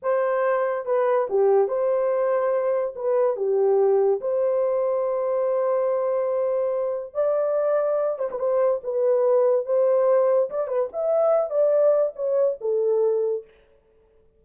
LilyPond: \new Staff \with { instrumentName = "horn" } { \time 4/4 \tempo 4 = 143 c''2 b'4 g'4 | c''2. b'4 | g'2 c''2~ | c''1~ |
c''4 d''2~ d''8 c''16 b'16 | c''4 b'2 c''4~ | c''4 d''8 b'8 e''4. d''8~ | d''4 cis''4 a'2 | }